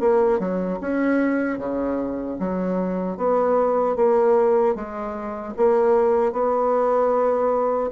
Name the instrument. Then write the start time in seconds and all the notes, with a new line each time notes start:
bassoon
0.00 A#3
0.39 F#3
0.81 C#4
1.59 C#3
2.39 F#3
3.17 B3
3.96 A#3
4.75 G#3
5.57 A#3
6.33 B3